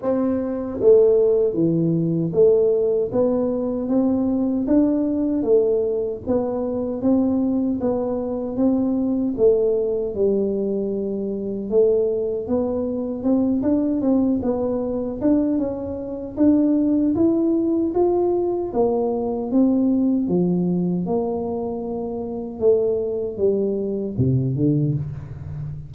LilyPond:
\new Staff \with { instrumentName = "tuba" } { \time 4/4 \tempo 4 = 77 c'4 a4 e4 a4 | b4 c'4 d'4 a4 | b4 c'4 b4 c'4 | a4 g2 a4 |
b4 c'8 d'8 c'8 b4 d'8 | cis'4 d'4 e'4 f'4 | ais4 c'4 f4 ais4~ | ais4 a4 g4 c8 d8 | }